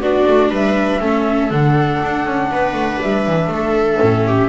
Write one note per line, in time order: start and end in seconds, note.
0.00 0.25 B3
0.00 1.01 D4
0.00 0.51 F#4
0.00 0.52 D5
0.28 0.50 A3
0.50 1.00 G3
0.50 1.00 B4
0.50 1.51 E5
1.00 1.51 A3
1.00 1.51 C#4
1.00 2.50 A4
1.51 2.01 D3
1.51 4.00 D4
1.51 3.01 F#5
2.03 2.25 D4
2.25 2.50 C#4
2.52 2.73 B3
2.52 3.52 B4
2.73 2.98 A3
3.02 3.27 G3
3.02 4.50 E5
3.27 3.47 E3
3.47 3.97 A3
3.54 4.28 A4
4.00 4.50 A2
4.00 4.50 C#4
4.28 4.50 G4